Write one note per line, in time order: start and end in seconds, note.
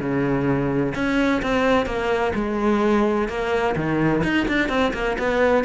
0.00 0.94 C#3
0.95 1.42 C#4
1.42 1.86 C4
1.86 2.33 A#3
2.35 3.28 G#3
3.28 3.75 A#3
3.76 4.23 D#3
4.24 4.47 D#4
4.48 4.69 D4
4.69 4.92 C4
4.94 5.17 A#3
5.18 5.65 B3